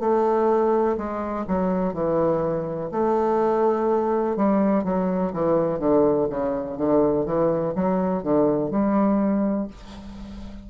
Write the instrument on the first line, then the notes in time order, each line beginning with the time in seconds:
bassoon
0.00 A3
0.97 G#3
1.47 F#3
1.94 E3
2.92 A3
4.36 G3
4.84 F#3
5.33 E3
5.79 D3
6.29 C#3
6.77 D3
7.25 E3
7.75 F#3
8.23 D3
8.71 G3